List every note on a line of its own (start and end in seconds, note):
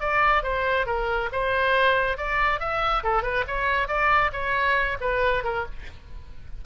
0.00 0.43 D5
0.43 0.86 C5
0.86 1.29 A#4
1.32 2.18 C5
2.18 2.60 D5
2.60 3.03 E5
3.04 3.23 A4
3.23 3.44 B4
3.47 3.88 C#5
3.88 4.31 D5
4.33 4.97 C#5
5.01 5.44 B4
5.44 5.65 A#4